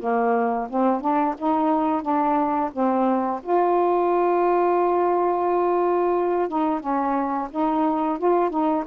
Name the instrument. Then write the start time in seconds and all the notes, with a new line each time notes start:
saxophone
0.00 A#3
0.70 C4
1.01 D4
1.38 D#4
2.02 D4
2.73 C4
3.43 F4
6.49 D#4
6.80 C#4
7.51 D#4
8.18 F4
8.50 D#4